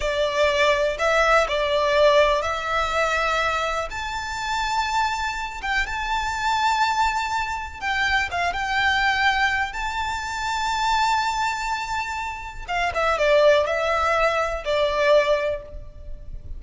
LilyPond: \new Staff \with { instrumentName = "violin" } { \time 4/4 \tempo 4 = 123 d''2 e''4 d''4~ | d''4 e''2. | a''2.~ a''8 g''8 | a''1 |
g''4 f''8 g''2~ g''8 | a''1~ | a''2 f''8 e''8 d''4 | e''2 d''2 | }